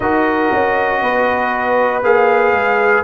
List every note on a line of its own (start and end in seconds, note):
0.00 0.51 D#4
0.00 2.03 F#4
0.00 1.02 A#4
0.00 2.03 D#5
0.53 1.02 C#4
1.02 2.03 B3
1.02 3.03 B4
2.03 2.52 A#3
2.03 3.03 G#4
2.03 3.03 F5
2.52 3.03 G#3